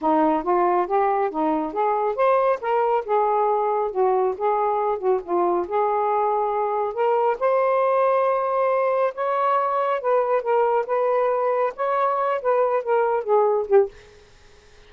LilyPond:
\new Staff \with { instrumentName = "saxophone" } { \time 4/4 \tempo 4 = 138 dis'4 f'4 g'4 dis'4 | gis'4 c''4 ais'4 gis'4~ | gis'4 fis'4 gis'4. fis'8 | f'4 gis'2. |
ais'4 c''2.~ | c''4 cis''2 b'4 | ais'4 b'2 cis''4~ | cis''8 b'4 ais'4 gis'4 g'8 | }